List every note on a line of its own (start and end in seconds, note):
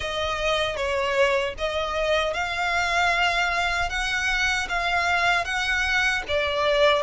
0.00 0.76 D#5
0.76 1.54 C#5
1.58 2.33 D#5
2.33 3.89 F5
3.89 4.67 F#5
4.69 5.44 F5
5.44 6.22 F#5
6.28 7.02 D5